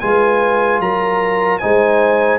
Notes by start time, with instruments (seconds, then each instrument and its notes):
0.00 tuba G#3, trombone F4, horn B4, trumpet G#5
0.80 tuba F#3, horn A#4, trumpet A#5
1.58 tuba G#3, trombone D#4, horn C5, trumpet G#5